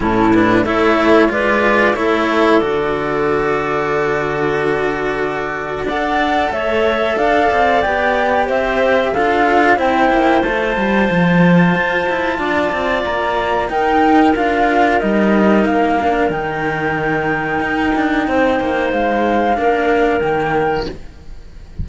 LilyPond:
<<
  \new Staff \with { instrumentName = "flute" } { \time 4/4 \tempo 4 = 92 a'8 b'8 cis''4 d''4 cis''4 | d''1~ | d''4 fis''4 e''4 f''4 | g''4 e''4 f''4 g''4 |
a''1 | ais''4 g''4 f''4 dis''4 | f''4 g''2.~ | g''4 f''2 g''4 | }
  \new Staff \with { instrumentName = "clarinet" } { \time 4/4 e'4 a'4 b'4 a'4~ | a'1~ | a'4 d''4 cis''4 d''4~ | d''4 c''4 a'4 c''4~ |
c''2. d''4~ | d''4 ais'2.~ | ais'1 | c''2 ais'2 | }
  \new Staff \with { instrumentName = "cello" } { \time 4/4 cis'8 d'8 e'4 f'4 e'4 | fis'1~ | fis'4 a'2. | g'2 f'4 e'4 |
f'1~ | f'4 dis'4 f'4 dis'4~ | dis'8 d'8 dis'2.~ | dis'2 d'4 ais4 | }
  \new Staff \with { instrumentName = "cello" } { \time 4/4 a,4 a4 gis4 a4 | d1~ | d4 d'4 a4 d'8 c'8 | b4 c'4 d'4 c'8 ais8 |
a8 g8 f4 f'8 e'8 d'8 c'8 | ais4 dis'4 d'4 g4 | ais4 dis2 dis'8 d'8 | c'8 ais8 gis4 ais4 dis4 | }
>>